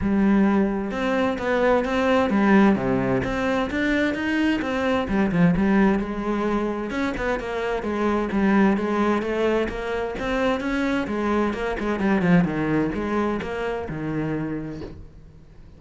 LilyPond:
\new Staff \with { instrumentName = "cello" } { \time 4/4 \tempo 4 = 130 g2 c'4 b4 | c'4 g4 c4 c'4 | d'4 dis'4 c'4 g8 f8 | g4 gis2 cis'8 b8 |
ais4 gis4 g4 gis4 | a4 ais4 c'4 cis'4 | gis4 ais8 gis8 g8 f8 dis4 | gis4 ais4 dis2 | }